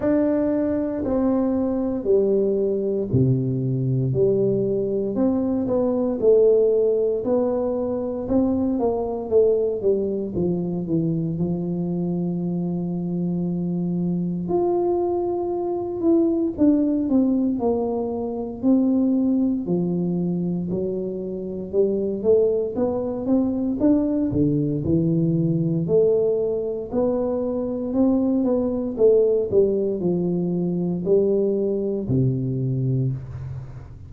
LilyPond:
\new Staff \with { instrumentName = "tuba" } { \time 4/4 \tempo 4 = 58 d'4 c'4 g4 c4 | g4 c'8 b8 a4 b4 | c'8 ais8 a8 g8 f8 e8 f4~ | f2 f'4. e'8 |
d'8 c'8 ais4 c'4 f4 | fis4 g8 a8 b8 c'8 d'8 d8 | e4 a4 b4 c'8 b8 | a8 g8 f4 g4 c4 | }